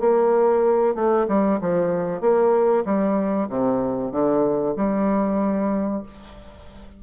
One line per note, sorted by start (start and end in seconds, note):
0.00 0.95 A#3
0.95 1.27 A3
1.28 1.60 G3
1.61 2.21 F3
2.21 2.84 A#3
2.86 3.49 G3
3.49 4.12 C3
4.12 4.75 D3
4.77 6.03 G3